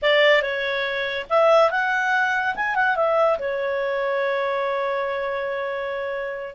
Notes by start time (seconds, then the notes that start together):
0.02 D5
0.41 C#5
1.29 E5
1.70 F#5
2.55 G#5
2.75 F#5
2.96 E5
3.38 C#5